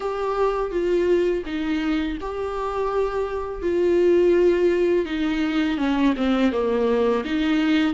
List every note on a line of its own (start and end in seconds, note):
0.00 0.71 G4
0.71 1.43 F4
1.45 2.18 D#4
2.20 3.61 G4
3.61 5.05 F4
5.05 5.77 D#4
5.77 6.13 C#4
6.16 6.52 C4
6.52 7.24 A#3
7.25 7.93 D#4